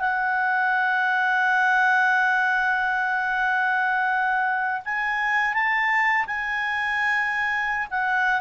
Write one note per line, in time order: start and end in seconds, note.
0.00 4.82 F#5
4.85 5.54 G#5
5.54 6.26 A5
6.27 7.88 G#5
7.91 8.41 F#5